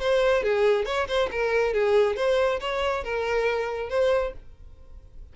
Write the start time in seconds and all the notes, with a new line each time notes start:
0.00 C5
0.43 G#4
0.86 C#5
1.08 C5
1.32 A#4
1.74 G#4
2.16 C5
2.61 C#5
3.04 A#4
3.90 C5